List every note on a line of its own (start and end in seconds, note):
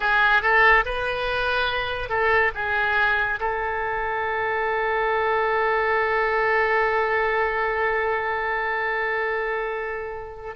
0.00 0.41 G#4
0.41 0.84 A4
0.85 2.09 B4
2.09 2.51 A4
2.55 3.39 G#4
3.40 10.55 A4